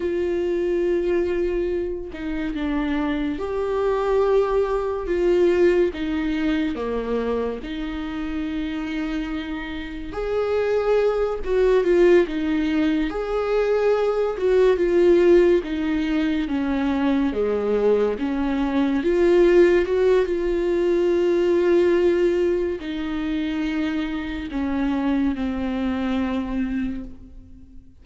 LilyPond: \new Staff \with { instrumentName = "viola" } { \time 4/4 \tempo 4 = 71 f'2~ f'8 dis'8 d'4 | g'2 f'4 dis'4 | ais4 dis'2. | gis'4. fis'8 f'8 dis'4 gis'8~ |
gis'4 fis'8 f'4 dis'4 cis'8~ | cis'8 gis4 cis'4 f'4 fis'8 | f'2. dis'4~ | dis'4 cis'4 c'2 | }